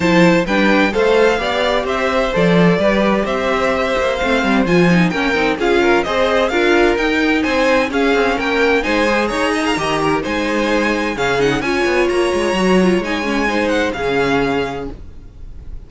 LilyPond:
<<
  \new Staff \with { instrumentName = "violin" } { \time 4/4 \tempo 4 = 129 a''4 g''4 f''2 | e''4 d''2 e''4~ | e''4 f''4 gis''4 g''4 | f''4 dis''4 f''4 g''4 |
gis''4 f''4 g''4 gis''4 | ais''2 gis''2 | f''8 fis''8 gis''4 ais''2 | gis''4. fis''8 f''2 | }
  \new Staff \with { instrumentName = "violin" } { \time 4/4 c''4 b'4 c''4 d''4 | c''2 b'4 c''4~ | c''2. ais'4 | gis'8 ais'8 c''4 ais'2 |
c''4 gis'4 ais'4 c''4 | cis''8 dis''16 f''16 dis''8 ais'8 c''2 | gis'4 cis''2.~ | cis''4 c''4 gis'2 | }
  \new Staff \with { instrumentName = "viola" } { \time 4/4 e'4 d'4 a'4 g'4~ | g'4 a'4 g'2~ | g'4 c'4 f'8 dis'8 cis'8 dis'8 | f'4 gis'4 f'4 dis'4~ |
dis'4 cis'2 dis'8 gis'8~ | gis'4 g'4 dis'2 | cis'8 dis'8 f'2 fis'8 f'8 | dis'8 cis'8 dis'4 cis'2 | }
  \new Staff \with { instrumentName = "cello" } { \time 4/4 f4 g4 a4 b4 | c'4 f4 g4 c'4~ | c'8 ais8 a8 g8 f4 ais8 c'8 | cis'4 c'4 d'4 dis'4 |
c'4 cis'8 c'8 ais4 gis4 | dis'4 dis4 gis2 | cis4 cis'8 b8 ais8 gis8 fis4 | gis2 cis2 | }
>>